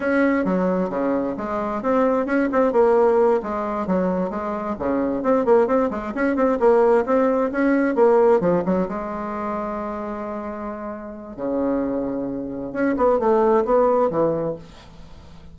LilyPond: \new Staff \with { instrumentName = "bassoon" } { \time 4/4 \tempo 4 = 132 cis'4 fis4 cis4 gis4 | c'4 cis'8 c'8 ais4. gis8~ | gis8 fis4 gis4 cis4 c'8 | ais8 c'8 gis8 cis'8 c'8 ais4 c'8~ |
c'8 cis'4 ais4 f8 fis8 gis8~ | gis1~ | gis4 cis2. | cis'8 b8 a4 b4 e4 | }